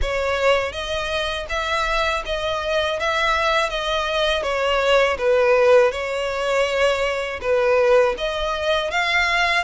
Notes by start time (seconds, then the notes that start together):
0.01 C#5
0.72 D#5
1.49 E5
2.25 D#5
2.99 E5
3.69 D#5
4.42 C#5
5.18 B4
5.91 C#5
7.41 B4
8.17 D#5
8.90 F5